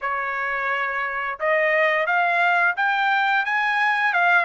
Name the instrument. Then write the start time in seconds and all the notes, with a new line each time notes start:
trumpet
0.01 C#5
1.39 D#5
2.06 F5
2.76 G5
3.45 G#5
4.13 F5